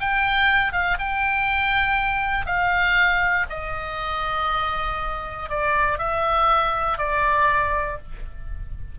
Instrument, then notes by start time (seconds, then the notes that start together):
oboe
0.00 G5
0.72 F5
0.99 G5
2.46 F5
3.49 D#5
5.49 D5
5.98 E5
6.98 D5